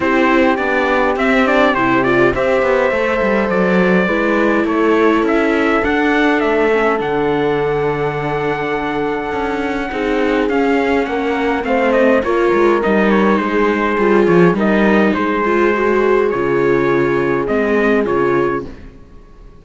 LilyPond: <<
  \new Staff \with { instrumentName = "trumpet" } { \time 4/4 \tempo 4 = 103 c''4 d''4 e''8 d''8 c''8 d''8 | e''2 d''2 | cis''4 e''4 fis''4 e''4 | fis''1~ |
fis''2 f''4 fis''4 | f''8 dis''8 cis''4 dis''8 cis''8 c''4~ | c''8 cis''8 dis''4 c''2 | cis''2 dis''4 cis''4 | }
  \new Staff \with { instrumentName = "horn" } { \time 4/4 g'1 | c''2. b'4 | a'1~ | a'1~ |
a'4 gis'2 ais'4 | c''4 ais'2 gis'4~ | gis'4 ais'4 gis'2~ | gis'1 | }
  \new Staff \with { instrumentName = "viola" } { \time 4/4 e'4 d'4 c'8 d'8 e'8 f'8 | g'4 a'2 e'4~ | e'2 d'4. cis'8 | d'1~ |
d'4 dis'4 cis'2 | c'4 f'4 dis'2 | f'4 dis'4. f'8 fis'4 | f'2 c'4 f'4 | }
  \new Staff \with { instrumentName = "cello" } { \time 4/4 c'4 b4 c'4 c4 | c'8 b8 a8 g8 fis4 gis4 | a4 cis'4 d'4 a4 | d1 |
cis'4 c'4 cis'4 ais4 | a4 ais8 gis8 g4 gis4 | g8 f8 g4 gis2 | cis2 gis4 cis4 | }
>>